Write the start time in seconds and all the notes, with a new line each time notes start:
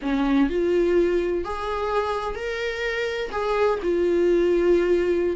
0.02 C#4
0.49 F4
1.44 G#4
2.35 A#4
3.31 G#4
3.82 F4